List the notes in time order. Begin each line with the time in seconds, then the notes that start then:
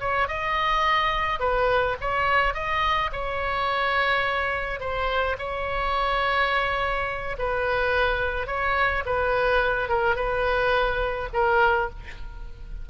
0.00 C#5
0.28 D#5
1.40 B4
2.01 C#5
2.54 D#5
3.12 C#5
4.80 C5
5.39 C#5
7.39 B4
8.47 C#5
9.06 B4
9.89 A#4
10.16 B4
11.33 A#4